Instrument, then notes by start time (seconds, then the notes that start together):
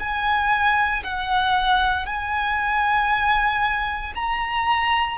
violin
0.00 G#5
1.04 F#5
2.06 G#5
4.15 A#5